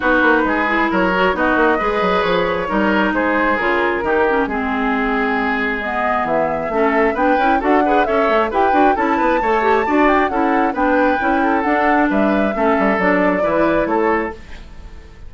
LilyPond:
<<
  \new Staff \with { instrumentName = "flute" } { \time 4/4 \tempo 4 = 134 b'2 cis''4 dis''4~ | dis''4 cis''2 c''4 | ais'2 gis'2~ | gis'4 dis''4 e''2 |
g''4 fis''4 e''4 g''4 | a''2~ a''8 g''8 fis''4 | g''2 fis''4 e''4~ | e''4 d''2 cis''4 | }
  \new Staff \with { instrumentName = "oboe" } { \time 4/4 fis'4 gis'4 ais'4 fis'4 | b'2 ais'4 gis'4~ | gis'4 g'4 gis'2~ | gis'2. a'4 |
b'4 a'8 b'8 cis''4 b'4 | a'8 b'8 cis''4 d''4 a'4 | b'4. a'4. b'4 | a'2 b'4 a'4 | }
  \new Staff \with { instrumentName = "clarinet" } { \time 4/4 dis'4. e'4 fis'8 dis'4 | gis'2 dis'2 | f'4 dis'8 cis'8 c'2~ | c'4 b2 cis'4 |
d'8 e'8 fis'8 gis'8 a'4 g'8 fis'8 | e'4 a'8 g'8 fis'4 e'4 | d'4 e'4 d'2 | cis'4 d'4 e'2 | }
  \new Staff \with { instrumentName = "bassoon" } { \time 4/4 b8 ais8 gis4 fis4 b8 ais8 | gis8 fis8 f4 g4 gis4 | cis4 dis4 gis2~ | gis2 e4 a4 |
b8 cis'8 d'4 cis'8 a8 e'8 d'8 | cis'8 b8 a4 d'4 cis'4 | b4 cis'4 d'4 g4 | a8 g8 fis4 e4 a4 | }
>>